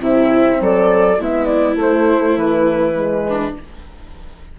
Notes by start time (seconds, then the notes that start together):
0.00 C3 C4 E4 E5
0.61 F#3 A4 D5
1.19 G#3 B3 E4 E5
1.46 D5
1.76 A3 C5
2.38 E3 B4
2.96 G#3
3.30 D4